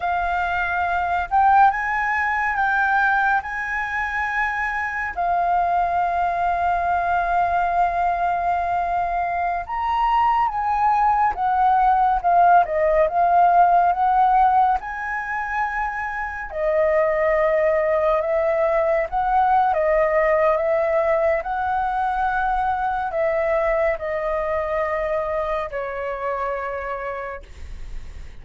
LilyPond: \new Staff \with { instrumentName = "flute" } { \time 4/4 \tempo 4 = 70 f''4. g''8 gis''4 g''4 | gis''2 f''2~ | f''2.~ f''16 ais''8.~ | ais''16 gis''4 fis''4 f''8 dis''8 f''8.~ |
f''16 fis''4 gis''2 dis''8.~ | dis''4~ dis''16 e''4 fis''8. dis''4 | e''4 fis''2 e''4 | dis''2 cis''2 | }